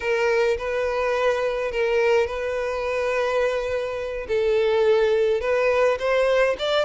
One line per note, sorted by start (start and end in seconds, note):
0.00 0.57 A#4
0.58 1.71 B4
1.71 2.26 A#4
2.26 4.26 B4
4.28 5.41 A4
5.41 5.98 B4
5.99 6.56 C5
6.59 6.85 D5